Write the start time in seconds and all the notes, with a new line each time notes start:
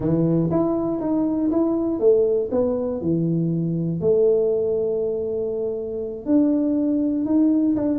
0.00 E3
0.50 E4
1.00 D#4
1.51 E4
1.99 A3
2.51 B3
3.01 E3
4.00 A3
6.25 D4
7.25 D#4
7.75 D4